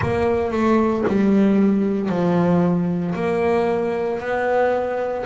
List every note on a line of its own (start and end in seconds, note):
0.01 0.51 A#3
0.51 1.04 A3
1.07 2.09 G3
2.09 3.14 F3
3.14 4.20 A#3
4.20 5.25 B3